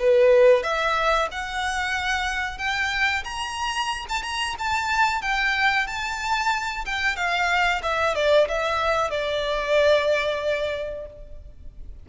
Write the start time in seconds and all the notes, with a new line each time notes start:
0.00 B4
0.63 E5
1.32 F#5
2.59 G5
3.25 A#5
4.09 A5
4.23 A#5
4.59 A5
5.22 G5
5.88 A5
6.86 G5
7.17 F5
7.83 E5
8.16 D5
8.48 E5
9.11 D5